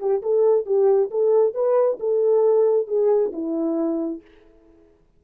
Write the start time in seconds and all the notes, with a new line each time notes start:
0.00 G4
0.23 A4
0.66 G4
1.11 A4
1.55 B4
2.00 A4
2.88 G#4
3.33 E4